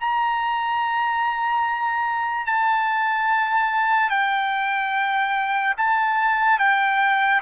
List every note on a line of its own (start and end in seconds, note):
0.00 2.47 A#5
2.47 4.10 A5
4.10 5.74 G5
5.78 6.59 A5
6.59 7.42 G5